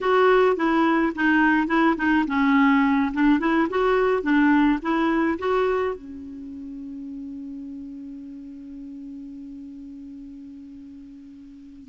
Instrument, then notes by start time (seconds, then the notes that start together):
clarinet
0.01 F#4
0.56 E4
1.15 D#4
1.67 E4
1.97 D#4
2.27 C#4
3.13 D4
3.39 E4
3.69 F#4
4.22 D4
4.81 E4
5.39 F#4
5.95 C#4